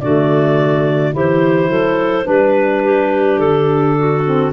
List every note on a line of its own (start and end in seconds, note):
0.00 1.14 D3
0.00 1.11 A3
0.00 1.14 F#4
0.00 1.13 D5
1.11 1.68 E3
1.11 2.23 E4
1.11 1.69 G4
1.11 2.28 C5
1.68 2.25 F#3
1.68 2.24 A4
2.23 3.38 G3
2.23 4.21 D4
2.23 2.81 B4
2.23 3.39 B4
2.84 3.97 G4
3.38 4.51 D3
3.38 4.52 A4
3.98 4.53 F#4
4.25 4.53 C4